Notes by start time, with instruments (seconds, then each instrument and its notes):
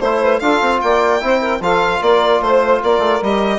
0.00 bassoon A3, trombone E4, violin C5, saxophone C5
0.21 saxophone B4
0.40 bassoon D4, trombone F4, saxophone A4, violin F5
0.61 bassoon C4
0.81 bassoon A#3, saxophone D5, violin G5
1.20 bassoon C4, trombone E4, saxophone C5
1.41 saxophone A#4
1.61 bassoon F3, trombone F4, saxophone A4, violin F5
2.02 bassoon A#3, saxophone A#4, violin D5
2.41 bassoon A3, violin C5, saxophone C5
2.83 bassoon A#3, saxophone A#4, violin D5
2.98 bassoon A3
3.22 bassoon G3, trombone G4, violin D#5